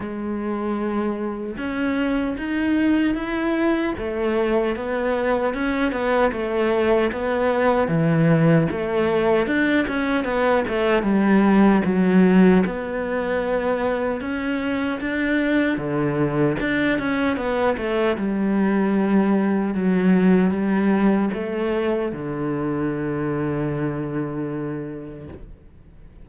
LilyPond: \new Staff \with { instrumentName = "cello" } { \time 4/4 \tempo 4 = 76 gis2 cis'4 dis'4 | e'4 a4 b4 cis'8 b8 | a4 b4 e4 a4 | d'8 cis'8 b8 a8 g4 fis4 |
b2 cis'4 d'4 | d4 d'8 cis'8 b8 a8 g4~ | g4 fis4 g4 a4 | d1 | }